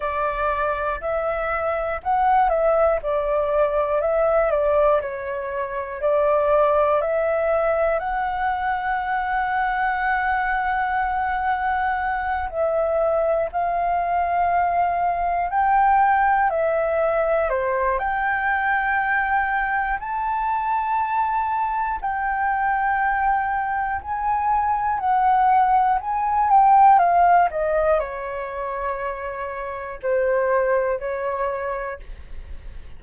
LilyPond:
\new Staff \with { instrumentName = "flute" } { \time 4/4 \tempo 4 = 60 d''4 e''4 fis''8 e''8 d''4 | e''8 d''8 cis''4 d''4 e''4 | fis''1~ | fis''8 e''4 f''2 g''8~ |
g''8 e''4 c''8 g''2 | a''2 g''2 | gis''4 fis''4 gis''8 g''8 f''8 dis''8 | cis''2 c''4 cis''4 | }